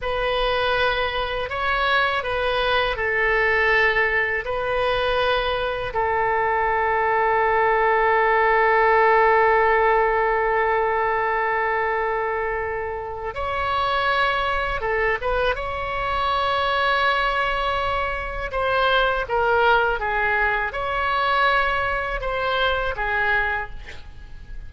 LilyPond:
\new Staff \with { instrumentName = "oboe" } { \time 4/4 \tempo 4 = 81 b'2 cis''4 b'4 | a'2 b'2 | a'1~ | a'1~ |
a'2 cis''2 | a'8 b'8 cis''2.~ | cis''4 c''4 ais'4 gis'4 | cis''2 c''4 gis'4 | }